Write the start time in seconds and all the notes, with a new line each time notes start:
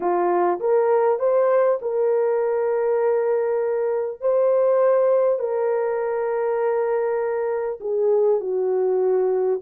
0.00 F4
0.60 A#4
1.19 C5
1.81 A#4
4.21 C5
5.39 A#4
7.80 G#4
8.40 F#4